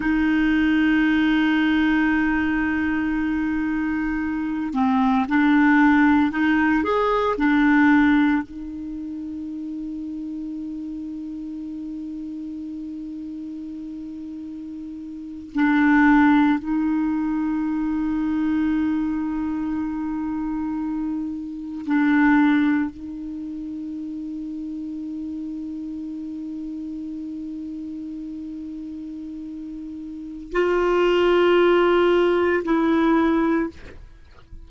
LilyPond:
\new Staff \with { instrumentName = "clarinet" } { \time 4/4 \tempo 4 = 57 dis'1~ | dis'8 c'8 d'4 dis'8 gis'8 d'4 | dis'1~ | dis'2~ dis'8. d'4 dis'16~ |
dis'1~ | dis'8. d'4 dis'2~ dis'16~ | dis'1~ | dis'4 f'2 e'4 | }